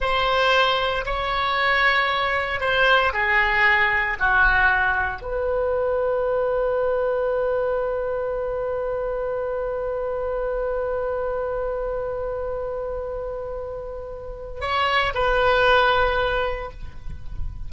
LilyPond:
\new Staff \with { instrumentName = "oboe" } { \time 4/4 \tempo 4 = 115 c''2 cis''2~ | cis''4 c''4 gis'2 | fis'2 b'2~ | b'1~ |
b'1~ | b'1~ | b'1 | cis''4 b'2. | }